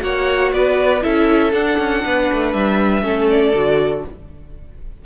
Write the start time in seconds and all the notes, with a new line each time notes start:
0.00 A#3 F#4 C#5 F#5
0.53 B3 B4 D5
1.02 C#4 E4 A4 E5
1.53 D4 F#5
1.79 C#4
2.05 B3 B4
2.33 A3
2.53 G3 E5
3.03 A3 C#4 A4
3.30 D5
3.54 D3 F#4